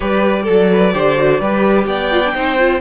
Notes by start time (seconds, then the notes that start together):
0.00 G3 G4 B4 D5
0.43 A4
0.49 F#3
0.72 B4
0.93 D3 G4 C5
1.16 F#4
1.40 G3 G4 B4
1.86 B3 D5 G5
2.11 F4
2.25 D4
2.34 C4 D#4 C5
2.58 F4